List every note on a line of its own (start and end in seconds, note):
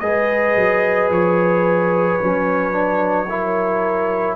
0.00 0.56 G#3
0.00 2.20 G#4
0.00 3.29 B4
0.00 1.09 D#5
0.56 1.10 F#3
1.10 2.19 F3
1.10 4.36 C#5
2.21 4.36 F#3
2.21 2.72 C#4
2.72 3.26 D4
3.29 4.36 E4
3.29 4.36 A#4